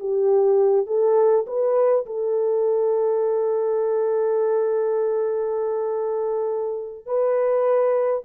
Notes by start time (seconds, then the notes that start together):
0.00 G4
0.87 A4
1.47 B4
2.06 A4
7.06 B4